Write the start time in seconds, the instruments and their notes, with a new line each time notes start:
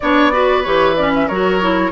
0.00 bassoon B3, clarinet D4, oboe C#5, flute D5
0.32 clarinet F#4, oboe B4
0.62 bassoon E3, clarinet G4, flute C#5
0.96 clarinet C#4, flute D5
1.14 flute E5
1.27 bassoon F#3, clarinet F#4, oboe A#4, flute C#5
1.61 clarinet E4